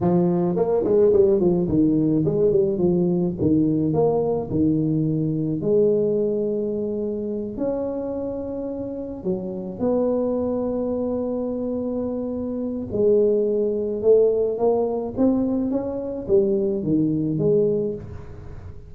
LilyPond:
\new Staff \with { instrumentName = "tuba" } { \time 4/4 \tempo 4 = 107 f4 ais8 gis8 g8 f8 dis4 | gis8 g8 f4 dis4 ais4 | dis2 gis2~ | gis4. cis'2~ cis'8~ |
cis'8 fis4 b2~ b8~ | b2. gis4~ | gis4 a4 ais4 c'4 | cis'4 g4 dis4 gis4 | }